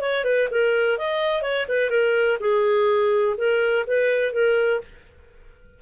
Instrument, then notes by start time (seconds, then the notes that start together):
clarinet
0.00 C#5
0.24 B4
0.50 A#4
0.97 D#5
1.42 C#5
1.68 B4
1.90 A#4
2.40 G#4
3.37 A#4
3.86 B4
4.32 A#4